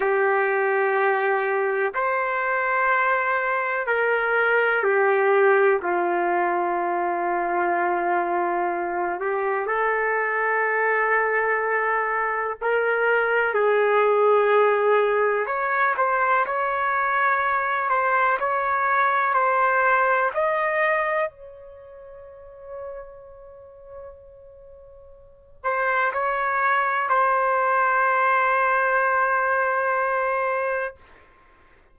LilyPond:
\new Staff \with { instrumentName = "trumpet" } { \time 4/4 \tempo 4 = 62 g'2 c''2 | ais'4 g'4 f'2~ | f'4. g'8 a'2~ | a'4 ais'4 gis'2 |
cis''8 c''8 cis''4. c''8 cis''4 | c''4 dis''4 cis''2~ | cis''2~ cis''8 c''8 cis''4 | c''1 | }